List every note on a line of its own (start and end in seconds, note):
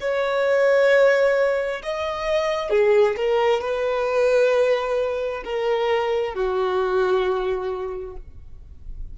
0.00 1.82 C#5
1.83 2.70 D#5
2.70 3.15 G#4
3.17 3.61 A#4
3.61 5.43 B4
5.45 6.34 A#4
6.34 8.16 F#4